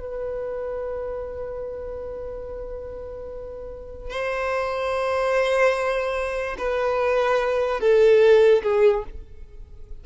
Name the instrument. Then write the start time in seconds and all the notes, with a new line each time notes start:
violin
0.00 B4
4.10 C5
6.58 B4
7.80 A4
8.63 G#4